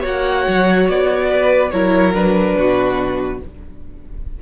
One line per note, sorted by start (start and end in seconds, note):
0.00 0.46 A#3
0.00 1.70 F#4
0.00 1.25 C#5
0.00 0.88 F#5
0.48 0.89 F#3
0.89 1.72 B3
0.89 1.71 D5
1.29 1.71 B4
1.71 2.56 F#3
1.71 2.14 E4
1.71 2.56 A#4
1.71 2.13 C#5
2.14 3.39 D4
2.14 3.39 B4
2.56 3.39 B2
2.56 3.42 F#4